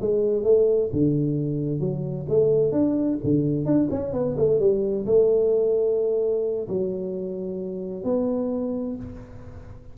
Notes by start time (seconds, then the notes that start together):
0.00 G#3
0.43 A3
0.92 D3
1.80 F#3
2.29 A3
2.72 D4
3.23 D3
3.65 D4
3.90 C#4
4.13 B3
4.37 A3
4.59 G3
5.06 A3
6.68 F#3
8.03 B3